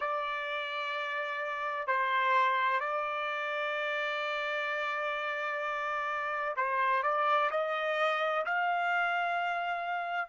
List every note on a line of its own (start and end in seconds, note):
0.00 1.87 D5
1.87 2.80 C5
2.80 6.55 D5
6.56 7.03 C5
7.03 7.50 D5
7.50 8.44 D#5
8.45 10.29 F5